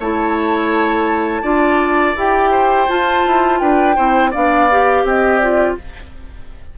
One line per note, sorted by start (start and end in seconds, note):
0.00 1.43 A3
0.00 1.43 E4
0.00 1.42 C#5
0.00 2.18 A5
1.42 2.16 D4
1.42 2.15 F4
1.42 2.51 D5
2.16 2.88 E4
2.16 2.89 G4
2.16 2.90 G5
2.51 3.60 C5
2.89 3.96 F4
2.89 3.26 F4
2.89 3.60 A5
3.26 3.61 E4
3.60 3.97 D4
3.60 3.96 B4
3.60 4.32 G5
3.96 4.35 C4
3.96 4.33 E4
3.96 4.31 C5
4.31 5.04 B3
4.31 4.70 D4
4.31 5.03 D5
4.31 5.06 F5
4.71 5.42 G4
5.04 5.76 C4
5.04 5.78 G4
5.04 5.39 D#5
5.39 5.78 F4
5.39 5.75 D5